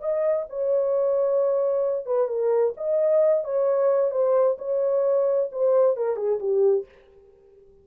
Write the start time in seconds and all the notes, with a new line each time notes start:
0.00 D#5
0.49 C#5
2.06 B4
2.28 A#4
2.77 D#5
3.44 C#5
4.11 C5
4.58 C#5
5.52 C5
5.97 A#4
6.16 G#4
6.39 G4